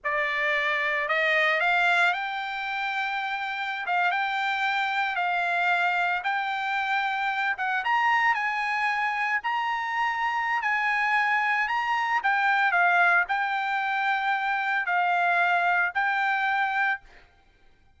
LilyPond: \new Staff \with { instrumentName = "trumpet" } { \time 4/4 \tempo 4 = 113 d''2 dis''4 f''4 | g''2.~ g''16 f''8 g''16~ | g''4.~ g''16 f''2 g''16~ | g''2~ g''16 fis''8 ais''4 gis''16~ |
gis''4.~ gis''16 ais''2~ ais''16 | gis''2 ais''4 g''4 | f''4 g''2. | f''2 g''2 | }